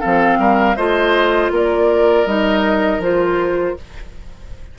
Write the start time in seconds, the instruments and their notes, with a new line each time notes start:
0.00 bassoon F3, clarinet C4, oboe A4, flute F5
0.38 bassoon G3, oboe A#4
0.75 bassoon A3, clarinet F4, oboe C5, flute D#5
1.51 bassoon A#3, oboe A#4, flute D5
2.26 bassoon G3, clarinet D#4, flute D#5
2.99 bassoon F3, clarinet F4, flute C5